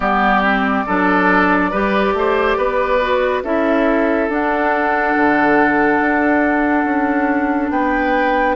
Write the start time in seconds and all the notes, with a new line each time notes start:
0.00 G3 B3 G4 D5
0.42 C4
0.86 F#3 D4 A4
1.70 G3 G4 B4
2.13 A3 C5
2.57 B3 B4
3.01 F#4
3.43 C#4 E4 A4 E5
4.28 D4 F#5
5.16 D3
6.00 D4
6.84 C#4
7.70 B3 B4 G5